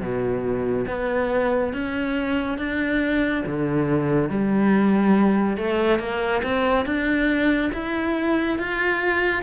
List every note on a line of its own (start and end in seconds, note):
0.00 0.86 B2
0.87 1.73 B3
1.73 2.58 C#4
2.58 3.44 D4
3.46 4.29 D3
4.29 5.57 G3
5.57 5.99 A3
5.99 6.42 A#3
6.42 6.85 C4
6.85 7.71 D4
7.73 8.58 E4
8.58 9.42 F4